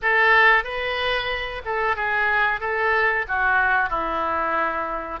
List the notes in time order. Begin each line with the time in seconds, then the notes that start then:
0.02 A4
0.63 B4
1.65 A4
1.96 G#4
2.60 A4
3.28 F#4
3.89 E4